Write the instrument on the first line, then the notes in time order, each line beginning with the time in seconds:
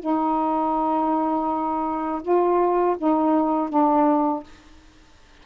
saxophone
0.00 D#4
2.23 F4
2.98 D#4
3.70 D4